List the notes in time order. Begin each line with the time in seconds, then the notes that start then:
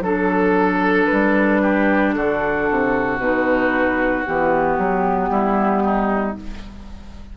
0.00 F#3 D4 A4
1.06 B4
1.12 G3
1.62 G4
2.14 D3 F#4 A4
2.70 C3
3.19 B2 D#4 B4
4.26 E3 B3 G4
4.78 F#3
5.29 G3 E4
5.84 D#4